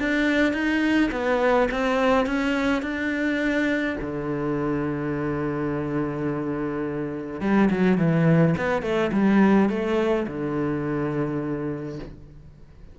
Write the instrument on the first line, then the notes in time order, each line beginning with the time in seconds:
cello
0.00 D4
0.54 D#4
1.12 B3
1.72 C4
2.26 C#4
2.83 D4
4.02 D3
7.41 G3
7.71 F#3
7.98 E3
8.58 B3
8.83 A3
9.13 G3
9.70 A3
10.28 D3